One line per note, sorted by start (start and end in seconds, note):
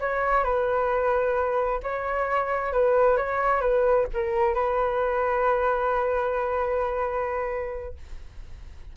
0.00 0.43 C#5
0.43 1.80 B4
1.83 2.72 C#5
2.72 3.17 B4
3.17 3.61 C#5
3.61 4.06 B4
4.14 4.54 A#4
4.54 7.95 B4